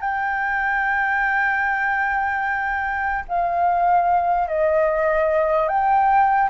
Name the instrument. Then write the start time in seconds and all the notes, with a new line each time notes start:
flute
0.00 G5
3.28 F5
4.48 D#5
5.68 G5